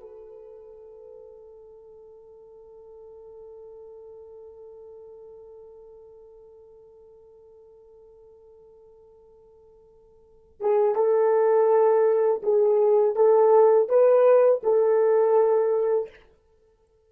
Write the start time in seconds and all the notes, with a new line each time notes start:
0.00 A4
10.60 G#4
10.95 A4
12.42 G#4
13.15 A4
13.88 B4
14.63 A4